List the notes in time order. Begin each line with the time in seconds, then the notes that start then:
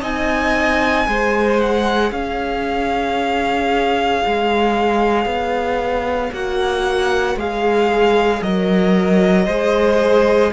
0.00 C4 D#4 D#5 G#5
1.06 G#3 G#4 C5
1.60 F#5
2.11 C#4 C#5 F5
4.26 G#3
5.25 B3
6.32 A#3 F#4 F#5
7.35 G#3 G#4 F5
8.41 F#3 A#4 D#5
9.45 G#3 G#4 C5